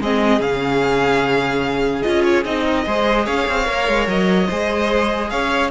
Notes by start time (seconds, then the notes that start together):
0.00 G#3 C4 G#4 D#5
0.39 C#3 C#4 F5
2.02 C#4 F4 D#5
2.23 C#5
2.44 C4 D#4 D#5
2.64 A#4
2.86 G#3 G#4 C5
3.25 C#4 C#5 F5
3.48 C4
3.64 A#3 A#4
3.88 G#3
4.07 F#3 D#5
4.47 G#3 G#4 C5
5.30 C#4 C#5 F5